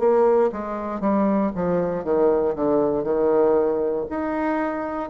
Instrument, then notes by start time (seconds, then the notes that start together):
bassoon
0.00 A#3
0.53 G#3
1.01 G3
1.56 F3
2.04 D#3
2.56 D3
3.04 D#3
4.10 D#4